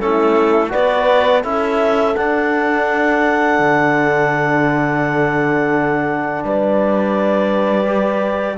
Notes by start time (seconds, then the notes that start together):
0.00 A3 C#4 E4 A4
0.69 B3 F#4 B4 D5
1.43 C#4 E4 A4 E5
2.16 D4 F#5
3.59 D3
6.44 G3 B4 D5
7.86 G4